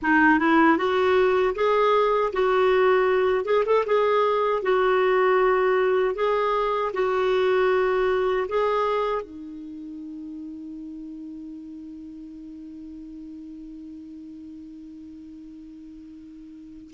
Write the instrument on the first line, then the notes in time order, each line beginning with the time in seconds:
clarinet
0.02 D#4
0.39 E4
0.77 F#4
1.55 G#4
2.32 F#4
3.44 G#4
3.65 A4
3.86 G#4
4.62 F#4
6.15 G#4
6.93 F#4
8.48 G#4
9.21 D#4